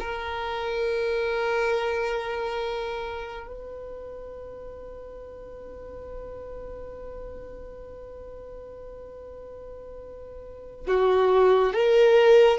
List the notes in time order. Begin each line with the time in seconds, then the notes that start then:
0.00 A#4
3.47 B4
10.88 F#4
11.74 A#4